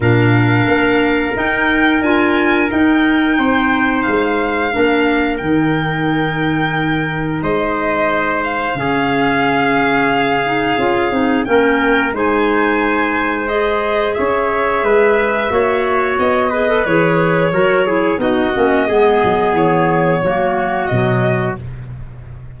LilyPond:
<<
  \new Staff \with { instrumentName = "violin" } { \time 4/4 \tempo 4 = 89 f''2 g''4 gis''4 | g''2 f''2 | g''2. dis''4~ | dis''8 f''2.~ f''8~ |
f''4 g''4 gis''2 | dis''4 e''2. | dis''4 cis''2 dis''4~ | dis''4 cis''2 dis''4 | }
  \new Staff \with { instrumentName = "trumpet" } { \time 4/4 ais'1~ | ais'4 c''2 ais'4~ | ais'2. c''4~ | c''4 gis'2.~ |
gis'4 ais'4 c''2~ | c''4 cis''4 b'4 cis''4~ | cis''8 b'4. ais'8 gis'8 fis'4 | gis'2 fis'2 | }
  \new Staff \with { instrumentName = "clarinet" } { \time 4/4 d'2 dis'4 f'4 | dis'2. d'4 | dis'1~ | dis'4 cis'2~ cis'8 dis'8 |
f'8 dis'8 cis'4 dis'2 | gis'2. fis'4~ | fis'8 gis'16 a'16 gis'4 fis'8 e'8 dis'8 cis'8 | b2 ais4 fis4 | }
  \new Staff \with { instrumentName = "tuba" } { \time 4/4 ais,4 ais4 dis'4 d'4 | dis'4 c'4 gis4 ais4 | dis2. gis4~ | gis4 cis2. |
cis'8 c'8 ais4 gis2~ | gis4 cis'4 gis4 ais4 | b4 e4 fis4 b8 ais8 | gis8 fis8 e4 fis4 b,4 | }
>>